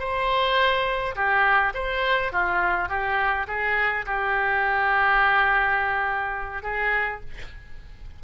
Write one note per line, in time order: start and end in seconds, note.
0.00 1.15 C5
1.16 1.73 G4
1.75 2.32 C5
2.33 2.89 F4
2.89 3.47 G4
3.48 4.06 G#4
4.06 6.63 G4
6.63 7.20 G#4